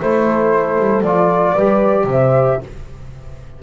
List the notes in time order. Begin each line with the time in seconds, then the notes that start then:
0.00 A3 E4 A4 C5
0.79 G3
1.01 F3 F4 D5
1.54 G3 G4 B4
2.04 C3 C5
2.11 E5